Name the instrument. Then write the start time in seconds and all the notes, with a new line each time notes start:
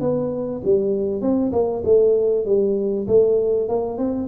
tuba
0.00 B3
0.64 G3
1.21 C4
1.52 A#3
1.85 A3
2.45 G3
3.07 A3
3.68 A#3
3.97 C4